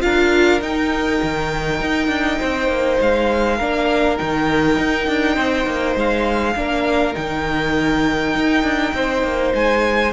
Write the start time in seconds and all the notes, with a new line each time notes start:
0.00 D4 F4 A#4 F5
0.61 D#4 G5
1.22 D#3
1.80 D#4
2.08 D4
2.39 C4 C5
2.68 A#3
3.01 G#3 F5
3.57 A#3 D4 A#4
4.17 D#3 D#4 G5
4.77 D#4
5.07 D4
5.35 C4 C5
5.66 A#3
5.96 G#3 F5
6.55 A#3 D4 A#4
7.13 D#3 D#4 G5
8.35 D#4
8.63 D4
8.93 C4 C5
9.23 A#3
9.54 G#3 G#5